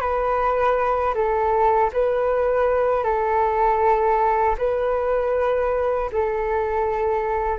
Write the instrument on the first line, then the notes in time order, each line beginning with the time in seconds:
flute
0.00 B4
1.14 A4
1.93 B4
3.03 A4
4.58 B4
6.12 A4